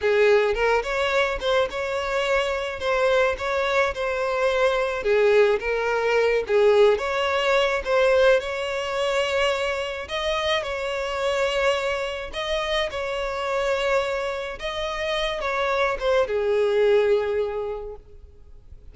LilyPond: \new Staff \with { instrumentName = "violin" } { \time 4/4 \tempo 4 = 107 gis'4 ais'8 cis''4 c''8 cis''4~ | cis''4 c''4 cis''4 c''4~ | c''4 gis'4 ais'4. gis'8~ | gis'8 cis''4. c''4 cis''4~ |
cis''2 dis''4 cis''4~ | cis''2 dis''4 cis''4~ | cis''2 dis''4. cis''8~ | cis''8 c''8 gis'2. | }